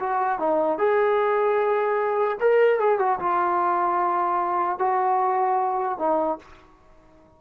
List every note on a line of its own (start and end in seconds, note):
0.00 0.39 F#4
0.39 0.78 D#4
0.78 2.38 G#4
2.40 2.79 A#4
2.79 2.99 G#4
2.99 3.19 F#4
3.19 4.79 F4
4.79 5.98 F#4
5.99 6.39 D#4